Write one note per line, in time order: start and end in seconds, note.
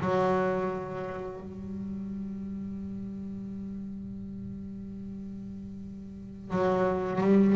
0.00 1.40 F#3
1.40 6.50 G3
6.50 7.20 F#3
7.20 7.55 G3